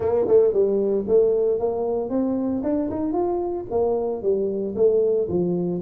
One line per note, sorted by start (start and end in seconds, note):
0.00 0.26 A#3
0.27 0.53 A3
0.53 1.05 G3
1.08 1.59 A3
1.59 2.09 A#3
2.09 2.62 C4
2.63 2.89 D4
2.90 3.12 D#4
3.12 3.65 F4
3.70 4.22 A#3
4.22 4.74 G3
4.75 5.28 A3
5.28 5.81 F3